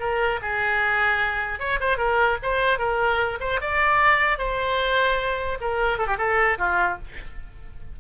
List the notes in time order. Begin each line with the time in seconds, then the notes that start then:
0.00 A#4
0.42 G#4
1.60 C#5
1.81 C5
1.98 A#4
2.43 C5
2.79 A#4
3.40 C5
3.61 D5
4.39 C5
5.61 A#4
5.99 A4
6.07 G4
6.18 A4
6.58 F4